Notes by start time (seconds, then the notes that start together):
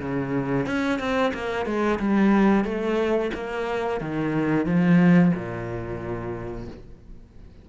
0.00 C#3
0.66 C#4
0.99 C4
1.34 A#3
1.65 G#3
1.99 G3
2.65 A3
3.34 A#3
4.01 D#3
4.65 F3
5.35 A#2